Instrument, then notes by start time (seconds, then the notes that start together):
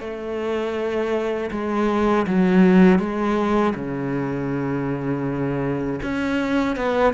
cello
0.00 A3
1.51 G#3
2.27 F#3
2.99 G#3
3.75 C#3
6.02 C#4
6.76 B3